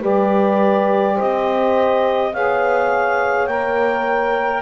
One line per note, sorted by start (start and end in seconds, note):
0.00 1.18 G3
0.00 2.31 G4
0.00 1.15 B4
0.00 1.19 D5
1.15 2.30 C5
1.15 2.34 D#5
1.21 2.35 C4
2.33 3.47 B3
2.33 3.48 G#4
2.33 4.62 C#5
2.33 3.47 F5
3.47 4.62 A#3
3.47 4.62 A#4
3.47 4.62 G5